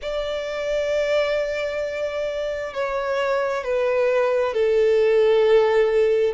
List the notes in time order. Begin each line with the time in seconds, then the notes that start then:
0.02 D5
2.73 C#5
3.64 B4
4.53 A4